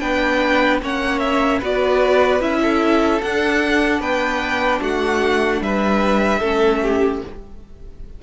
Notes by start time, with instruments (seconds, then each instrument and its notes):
0.00 cello B3, viola D4, violin B4 G5
0.82 cello A#3, viola C#4, violin C#5 F#5
1.20 violin E5
1.59 cello B3, viola F#4, violin B4 D5
2.41 cello C#4, viola E4, violin E5
2.62 violin A4
3.22 cello D4, viola D4, violin F#5
4.00 cello B3, violin B4 G5
4.81 cello A3, violin F#4 F#5
5.61 cello G3, violin B4 E5
6.39 cello A3, viola C#4, violin A4
6.83 violin G4